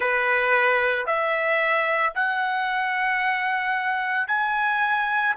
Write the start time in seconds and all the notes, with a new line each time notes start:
0.00 B4
1.06 E5
2.14 F#5
4.27 G#5